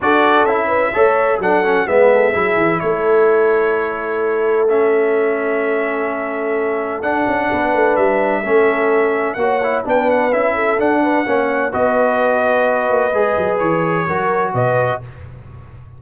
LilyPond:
<<
  \new Staff \with { instrumentName = "trumpet" } { \time 4/4 \tempo 4 = 128 d''4 e''2 fis''4 | e''2 cis''2~ | cis''2 e''2~ | e''2. fis''4~ |
fis''4 e''2. | fis''4 g''8 fis''8 e''4 fis''4~ | fis''4 dis''2.~ | dis''4 cis''2 dis''4 | }
  \new Staff \with { instrumentName = "horn" } { \time 4/4 a'4. b'8 cis''4 a'4 | b'8 a'8 gis'4 a'2~ | a'1~ | a'1 |
b'2 a'2 | cis''4 b'4. a'4 b'8 | cis''4 b'2.~ | b'2 ais'4 b'4 | }
  \new Staff \with { instrumentName = "trombone" } { \time 4/4 fis'4 e'4 a'4 d'8 cis'8 | b4 e'2.~ | e'2 cis'2~ | cis'2. d'4~ |
d'2 cis'2 | fis'8 e'8 d'4 e'4 d'4 | cis'4 fis'2. | gis'2 fis'2 | }
  \new Staff \with { instrumentName = "tuba" } { \time 4/4 d'4 cis'4 a4 fis4 | gis4 fis8 e8 a2~ | a1~ | a2. d'8 cis'8 |
b8 a8 g4 a2 | ais4 b4 cis'4 d'4 | ais4 b2~ b8 ais8 | gis8 fis8 e4 fis4 b,4 | }
>>